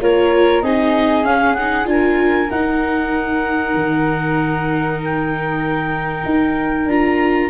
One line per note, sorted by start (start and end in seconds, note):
0.00 0.62 A#3
0.00 0.63 F4
0.00 0.64 A#4
0.00 0.62 C#5
0.62 1.25 C4
0.62 1.23 D#4
0.62 1.89 G#4
0.62 1.24 D#5
1.23 1.55 C#4
1.23 1.86 C#4
1.23 1.54 F5
1.54 1.84 D#4
1.54 1.86 F#5
1.84 2.49 D4
1.84 2.47 F4
1.84 2.50 G#5
1.91 7.50 A#4
2.50 3.74 D#4
2.50 6.89 D#4
2.50 5.00 F#5
3.74 6.24 D#3
5.04 6.89 G5
6.25 6.85 D#4
6.85 7.48 D4
6.85 7.50 F4
6.85 7.50 A#5